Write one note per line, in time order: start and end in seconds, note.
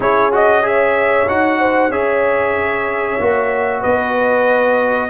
0.00 1.26 C#4
0.00 0.32 E4
0.00 0.64 G#4
0.00 0.33 C#5
0.32 0.63 F#4
0.32 0.65 D#5
0.63 1.26 G#4
0.63 1.59 C#5
0.63 1.28 E5
1.26 1.89 D#4
1.26 1.92 F#4
1.26 1.91 F#5
1.59 1.90 C5
1.89 3.16 C#4
1.89 3.19 G#4
1.89 3.80 C#5
1.89 3.83 E5
3.19 3.83 A#3
3.19 5.09 F#4
3.80 5.09 B3
3.80 5.08 B4
3.80 5.09 D#5